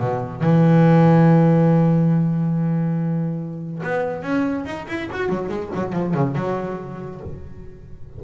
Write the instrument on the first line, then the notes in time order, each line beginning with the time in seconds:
double bass
0.00 B2
0.42 E3
3.83 B3
4.23 C#4
4.66 D#4
4.88 E4
5.12 F#4
5.29 F#3
5.49 G#3
5.75 F#3
5.93 F3
6.14 C#3
6.36 F#3